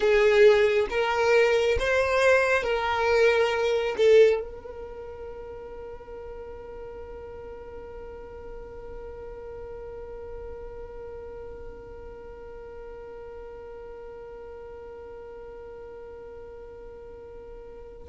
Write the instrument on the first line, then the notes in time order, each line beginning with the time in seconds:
violin
0.00 G#4
0.89 A#4
1.79 C5
2.63 A#4
3.97 A4
4.40 A#4